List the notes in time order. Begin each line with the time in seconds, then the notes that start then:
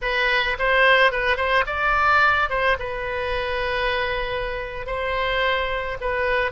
0.01 B4
0.58 C5
1.11 B4
1.36 C5
1.66 D5
2.49 C5
2.79 B4
4.86 C5
6.00 B4